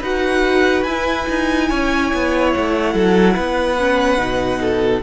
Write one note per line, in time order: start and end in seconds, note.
0.00 0.84 D#4
0.00 0.86 F#4
0.00 1.67 B4
0.00 0.83 F#5
0.83 1.26 E4
0.83 3.79 E4
0.83 2.50 G#5
1.29 1.70 D#4
1.69 2.12 C#4
1.69 2.94 C#5
2.13 2.55 B3
2.52 2.94 A3
2.52 5.02 F#5
2.94 3.36 F#3
2.94 3.34 A4
3.34 4.17 B3
3.34 4.59 B4
3.79 4.17 C#4
4.17 5.01 B2
4.17 5.01 D#4
4.60 5.02 A4